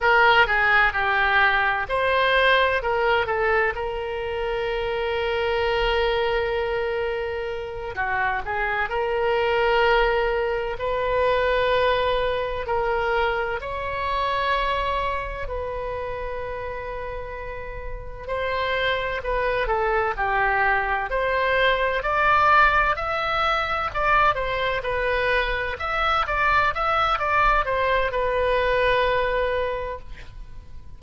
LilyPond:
\new Staff \with { instrumentName = "oboe" } { \time 4/4 \tempo 4 = 64 ais'8 gis'8 g'4 c''4 ais'8 a'8 | ais'1~ | ais'8 fis'8 gis'8 ais'2 b'8~ | b'4. ais'4 cis''4.~ |
cis''8 b'2. c''8~ | c''8 b'8 a'8 g'4 c''4 d''8~ | d''8 e''4 d''8 c''8 b'4 e''8 | d''8 e''8 d''8 c''8 b'2 | }